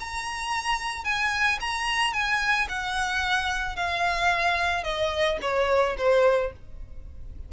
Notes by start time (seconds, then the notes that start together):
0.00 A#5
1.04 G#5
1.60 A#5
2.13 G#5
2.69 F#5
3.76 F5
4.83 D#5
5.41 C#5
5.98 C5